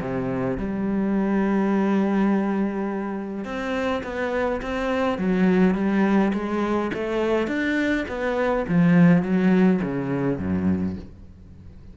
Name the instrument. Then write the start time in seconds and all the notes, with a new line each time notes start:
cello
0.00 C3
0.57 G3
3.44 C4
4.03 B3
4.62 C4
5.18 F#3
5.74 G3
6.33 G#3
6.93 A3
7.47 D4
8.08 B3
8.68 F3
9.22 F#3
9.82 C#3
10.38 F#2